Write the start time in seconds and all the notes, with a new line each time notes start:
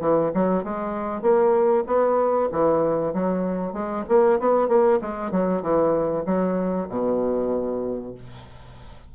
0.00 E3
0.34 F#3
0.63 G#3
1.21 A#3
1.86 B3
2.51 E3
3.13 F#3
3.73 G#3
4.09 A#3
4.39 B3
4.68 A#3
5.01 G#3
5.31 F#3
5.62 E3
6.26 F#3
6.89 B2